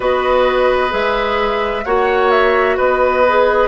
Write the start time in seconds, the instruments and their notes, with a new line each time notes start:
0.00 bassoon B3, clarinet F#4, oboe B4, flute D#5
0.89 bassoon G#3, clarinet G#4, flute E5
1.84 bassoon A#3, clarinet F#4, oboe C#5, flute F#5
2.30 flute E5
2.77 bassoon B3, oboe B4, flute D#5
3.27 clarinet G#4